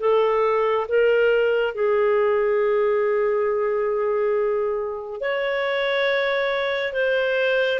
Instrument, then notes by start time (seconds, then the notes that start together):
clarinet
0.00 A4
0.88 A#4
1.75 G#4
5.21 C#5
6.93 C5